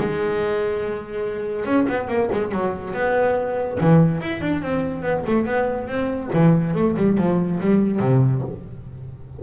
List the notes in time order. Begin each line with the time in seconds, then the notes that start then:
0.00 G#3
1.66 C#4
1.89 B3
2.08 A#3
2.33 G#3
2.52 F#3
2.94 B3
3.80 E3
4.21 E4
4.42 D4
4.62 C4
5.03 B3
5.27 A3
5.46 B3
5.88 C4
6.33 E3
6.74 A3
6.97 G3
7.18 F3
7.60 G3
8.00 C3